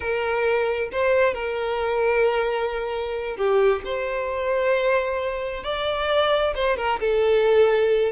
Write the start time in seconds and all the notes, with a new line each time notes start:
0.00 A#4
0.91 C5
1.33 A#4
3.36 G4
3.84 C5
5.63 D5
6.55 C5
6.77 A#4
7.00 A4